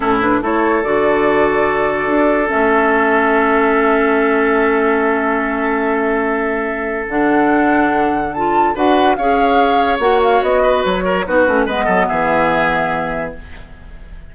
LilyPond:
<<
  \new Staff \with { instrumentName = "flute" } { \time 4/4 \tempo 4 = 144 a'8 b'8 cis''4 d''2~ | d''2 e''2~ | e''1~ | e''1~ |
e''4 fis''2. | a''4 fis''4 f''2 | fis''8 f''8 dis''4 cis''4 b'4 | dis''4 e''2. | }
  \new Staff \with { instrumentName = "oboe" } { \time 4/4 e'4 a'2.~ | a'1~ | a'1~ | a'1~ |
a'1~ | a'4 b'4 cis''2~ | cis''4. b'4 ais'8 fis'4 | b'8 a'8 gis'2. | }
  \new Staff \with { instrumentName = "clarinet" } { \time 4/4 cis'8 d'8 e'4 fis'2~ | fis'2 cis'2~ | cis'1~ | cis'1~ |
cis'4 d'2. | f'4 fis'4 gis'2 | fis'2. dis'8 cis'8 | b1 | }
  \new Staff \with { instrumentName = "bassoon" } { \time 4/4 a,4 a4 d2~ | d4 d'4 a2~ | a1~ | a1~ |
a4 d2.~ | d4 d'4 cis'2 | ais4 b4 fis4 b8 a8 | gis8 fis8 e2. | }
>>